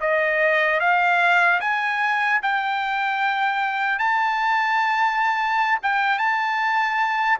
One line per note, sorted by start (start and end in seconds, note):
0.00 0.80 D#5
0.80 1.60 F5
1.60 2.40 G#5
2.42 3.98 G5
3.98 5.78 A5
5.82 6.18 G5
6.18 7.38 A5